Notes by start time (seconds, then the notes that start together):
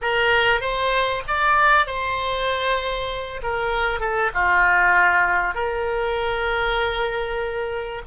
0.01 A#4
0.60 C5
1.27 D5
1.86 C5
3.42 A#4
4.00 A4
4.34 F4
5.54 A#4